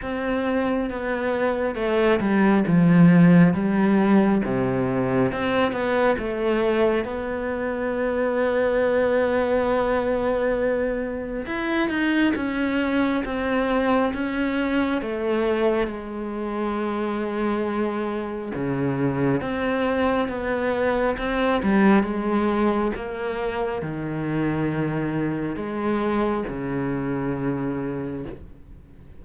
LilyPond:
\new Staff \with { instrumentName = "cello" } { \time 4/4 \tempo 4 = 68 c'4 b4 a8 g8 f4 | g4 c4 c'8 b8 a4 | b1~ | b4 e'8 dis'8 cis'4 c'4 |
cis'4 a4 gis2~ | gis4 cis4 c'4 b4 | c'8 g8 gis4 ais4 dis4~ | dis4 gis4 cis2 | }